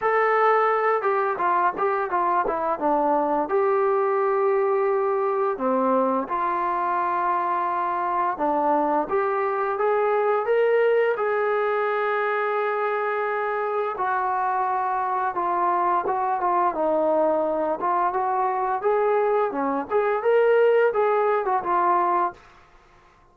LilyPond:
\new Staff \with { instrumentName = "trombone" } { \time 4/4 \tempo 4 = 86 a'4. g'8 f'8 g'8 f'8 e'8 | d'4 g'2. | c'4 f'2. | d'4 g'4 gis'4 ais'4 |
gis'1 | fis'2 f'4 fis'8 f'8 | dis'4. f'8 fis'4 gis'4 | cis'8 gis'8 ais'4 gis'8. fis'16 f'4 | }